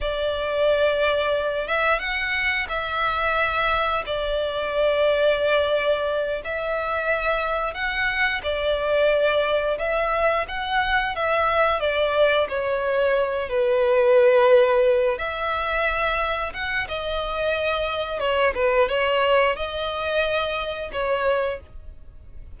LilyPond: \new Staff \with { instrumentName = "violin" } { \time 4/4 \tempo 4 = 89 d''2~ d''8 e''8 fis''4 | e''2 d''2~ | d''4. e''2 fis''8~ | fis''8 d''2 e''4 fis''8~ |
fis''8 e''4 d''4 cis''4. | b'2~ b'8 e''4.~ | e''8 fis''8 dis''2 cis''8 b'8 | cis''4 dis''2 cis''4 | }